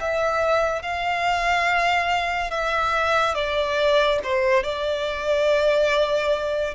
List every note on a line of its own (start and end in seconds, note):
0.00 0.82 E5
0.82 2.50 F5
2.50 3.34 E5
3.34 4.19 D5
4.23 4.63 C5
4.63 6.74 D5